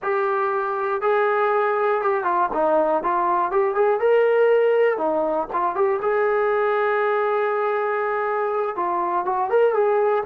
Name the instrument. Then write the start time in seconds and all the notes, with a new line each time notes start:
trombone
0.02 G4
1.01 G#4
2.01 G4
2.24 F4
2.53 D#4
3.03 F4
3.51 G4
3.75 G#4
4.00 A#4
4.97 D#4
5.52 F4
5.75 G4
6.01 G#4
8.76 F4
9.25 F#4
9.50 A#4
9.73 G#4